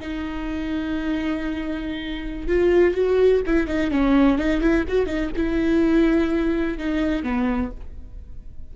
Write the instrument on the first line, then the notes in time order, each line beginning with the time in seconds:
viola
0.00 D#4
2.48 F4
2.95 F#4
3.47 E4
3.68 D#4
3.91 C#4
4.39 D#4
4.61 E4
4.88 F#4
5.06 D#4
5.36 E4
6.78 D#4
7.23 B3